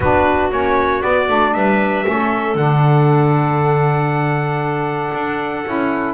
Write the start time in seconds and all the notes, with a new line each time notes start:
0.00 B3 D4 F#4 B4
0.51 A#3 C#4 C#5
1.01 B3 D5
1.28 A3 D4
1.53 G3 B4 E5
2.05 A3 C#4 A4
2.54 D3 D4 F#5
5.13 D4
5.64 C#4 E4